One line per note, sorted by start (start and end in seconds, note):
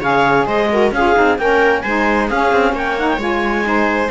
0.00 0.46 C#3
0.00 0.69 G#4
0.00 0.45 C#5
0.00 0.46 F5
0.46 0.92 G#3
0.46 0.70 C5
0.46 0.92 D#5
0.70 0.93 F#4
0.70 0.93 A#4
0.92 1.14 C#4
0.92 1.15 F4
0.92 1.39 G#4
0.92 1.37 F5
1.15 1.38 C4
1.15 1.38 D#4
1.37 1.84 A#3
1.37 1.84 C#4
1.37 1.83 A#4
1.37 1.81 G5
1.81 2.30 G#3
1.81 2.31 D#4
1.81 2.28 C5
1.81 2.27 G#5
2.28 2.52 C#4
2.28 2.98 C#4
2.28 2.73 G#4
2.28 2.75 F5
2.52 2.72 C4
2.72 3.17 A#3
2.72 3.65 C#5
2.72 2.98 G5
2.98 3.18 D#4
2.98 3.08 F#5
3.08 3.19 G5
3.17 4.08 G#3
3.17 3.64 F4
3.17 4.11 G#5
3.64 4.09 D#4
3.64 4.11 C5